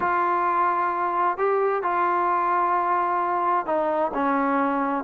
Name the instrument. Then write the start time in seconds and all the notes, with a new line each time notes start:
trombone
0.00 F4
1.37 G4
1.83 F4
3.65 D#4
4.14 C#4